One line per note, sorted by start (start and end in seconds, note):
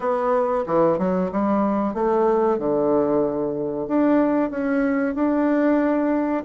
0.00 0.65 B3
0.66 0.98 E3
0.98 1.30 F#3
1.31 1.94 G3
1.94 2.58 A3
2.58 3.87 D3
3.87 4.50 D4
4.50 5.14 C#4
5.14 6.43 D4